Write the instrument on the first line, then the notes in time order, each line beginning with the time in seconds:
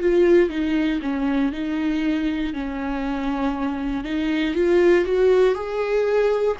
viola
0.00 F4
0.50 D#4
1.02 C#4
1.52 D#4
2.53 C#4
4.04 D#4
4.55 F4
5.05 F#4
5.55 G#4